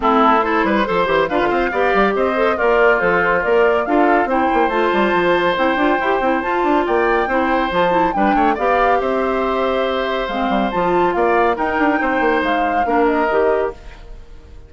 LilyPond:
<<
  \new Staff \with { instrumentName = "flute" } { \time 4/4 \tempo 4 = 140 a'4 c''2 f''4~ | f''4 dis''4 d''4 c''4 | d''4 f''4 g''4 a''4~ | a''4 g''2 a''4 |
g''2 a''4 g''4 | f''4 e''2. | f''4 a''4 f''4 g''4~ | g''4 f''4. dis''4. | }
  \new Staff \with { instrumentName = "oboe" } { \time 4/4 e'4 a'8 b'8 c''4 b'8 c''8 | d''4 c''4 f'2~ | f'4 a'4 c''2~ | c''1 |
d''4 c''2 b'8 cis''8 | d''4 c''2.~ | c''2 d''4 ais'4 | c''2 ais'2 | }
  \new Staff \with { instrumentName = "clarinet" } { \time 4/4 c'4 e'4 a'8 g'8 f'4 | g'4. a'8 ais'4 a'4 | ais'4 f'4 e'4 f'4~ | f'4 e'8 f'8 g'8 e'8 f'4~ |
f'4 e'4 f'8 e'8 d'4 | g'1 | c'4 f'2 dis'4~ | dis'2 d'4 g'4 | }
  \new Staff \with { instrumentName = "bassoon" } { \time 4/4 a4. g8 f8 e8 d'16 d16 c'8 | b8 g8 c'4 ais4 f4 | ais4 d'4 c'8 ais8 a8 g8 | f4 c'8 d'8 e'8 c'8 f'8 d'8 |
ais4 c'4 f4 g8 a8 | b4 c'2. | gis8 g8 f4 ais4 dis'8 d'8 | c'8 ais8 gis4 ais4 dis4 | }
>>